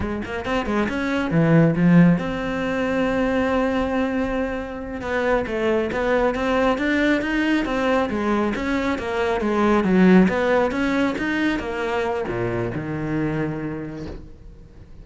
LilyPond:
\new Staff \with { instrumentName = "cello" } { \time 4/4 \tempo 4 = 137 gis8 ais8 c'8 gis8 cis'4 e4 | f4 c'2.~ | c'2.~ c'8 b8~ | b8 a4 b4 c'4 d'8~ |
d'8 dis'4 c'4 gis4 cis'8~ | cis'8 ais4 gis4 fis4 b8~ | b8 cis'4 dis'4 ais4. | ais,4 dis2. | }